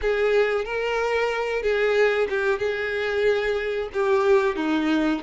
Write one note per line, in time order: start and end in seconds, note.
0.01 0.65 G#4
0.65 1.62 A#4
1.62 2.27 G#4
2.29 2.58 G4
2.58 3.89 G#4
3.93 4.56 G4
4.56 5.21 D#4